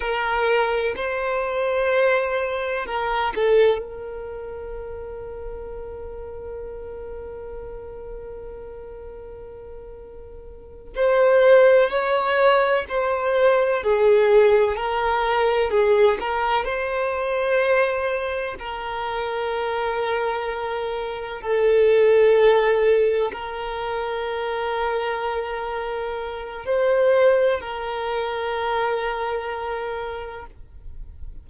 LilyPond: \new Staff \with { instrumentName = "violin" } { \time 4/4 \tempo 4 = 63 ais'4 c''2 ais'8 a'8 | ais'1~ | ais'2.~ ais'8 c''8~ | c''8 cis''4 c''4 gis'4 ais'8~ |
ais'8 gis'8 ais'8 c''2 ais'8~ | ais'2~ ais'8 a'4.~ | a'8 ais'2.~ ais'8 | c''4 ais'2. | }